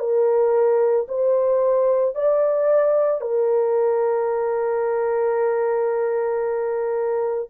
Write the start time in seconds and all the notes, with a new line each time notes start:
0.00 A#4
1.09 C5
2.16 D5
3.21 A#4